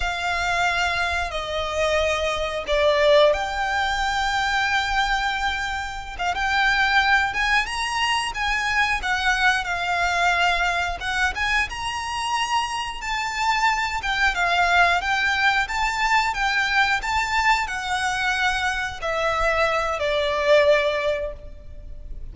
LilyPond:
\new Staff \with { instrumentName = "violin" } { \time 4/4 \tempo 4 = 90 f''2 dis''2 | d''4 g''2.~ | g''4~ g''16 f''16 g''4. gis''8 ais''8~ | ais''8 gis''4 fis''4 f''4.~ |
f''8 fis''8 gis''8 ais''2 a''8~ | a''4 g''8 f''4 g''4 a''8~ | a''8 g''4 a''4 fis''4.~ | fis''8 e''4. d''2 | }